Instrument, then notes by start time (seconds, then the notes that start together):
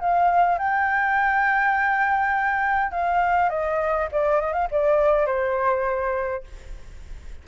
flute
0.00 F5
0.58 G5
2.92 F5
3.50 D#5
4.12 D5
4.41 D#5
4.53 F5
4.71 D5
5.26 C5